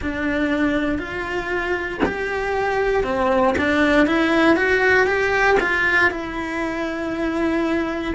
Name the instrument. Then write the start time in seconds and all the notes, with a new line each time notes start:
cello
0.01 D4
0.98 F4
2.05 G4
3.03 C4
3.58 D4
4.06 E4
4.55 F#4
5.06 G4
5.59 F4
6.11 E4